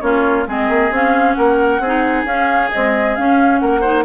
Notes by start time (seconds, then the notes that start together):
0.00 A#3 C#4 F4 C#5
0.46 G#3 C4 G#4 D#5
0.68 A#3
0.90 C4 C#4 F5
1.33 A#3 A#4 F#5
1.79 C4 G#4
1.85 D#4
2.24 C#4 F5
2.71 G#3 C4 D#5
3.15 C#4 F5
3.59 A#3 A#4 F#5
3.80 D#4 C5